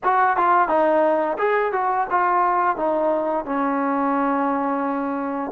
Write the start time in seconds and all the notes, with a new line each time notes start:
0.03 F#4
0.36 F4
0.68 D#4
1.38 G#4
1.72 F#4
2.10 F4
2.76 D#4
3.45 C#4